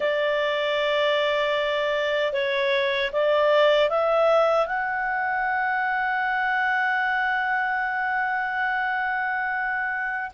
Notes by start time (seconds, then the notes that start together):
0.00 D5
2.32 C#5
3.12 D5
3.89 E5
4.66 F#5